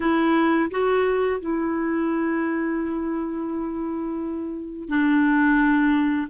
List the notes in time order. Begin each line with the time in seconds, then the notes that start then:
0.00 E4
0.70 F#4
1.40 E4
4.88 D4